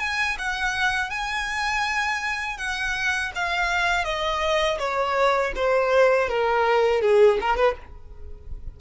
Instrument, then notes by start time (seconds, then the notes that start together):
violin
0.00 G#5
0.39 F#5
1.10 G#5
2.58 F#5
3.35 F5
4.05 D#5
4.79 C#5
5.56 C5
6.29 A#4
7.02 G#4
7.41 A#4
7.57 B4